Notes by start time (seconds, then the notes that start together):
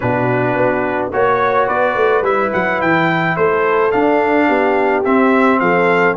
0.00 B2 D4 F#4 B4
0.55 B3
1.12 A#3 F#4 C#5
1.66 B3 B4 D5
1.95 A3
2.21 G3 E4 E5
2.53 F#3 F#5
2.81 E3 G5
3.36 A3 A4 C5
3.91 D4 F5
4.47 B3 G4
5.04 C4 E5
5.59 F3 A4 F5